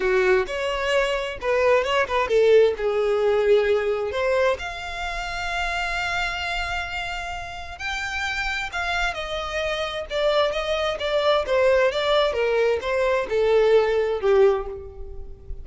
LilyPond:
\new Staff \with { instrumentName = "violin" } { \time 4/4 \tempo 4 = 131 fis'4 cis''2 b'4 | cis''8 b'8 a'4 gis'2~ | gis'4 c''4 f''2~ | f''1~ |
f''4 g''2 f''4 | dis''2 d''4 dis''4 | d''4 c''4 d''4 ais'4 | c''4 a'2 g'4 | }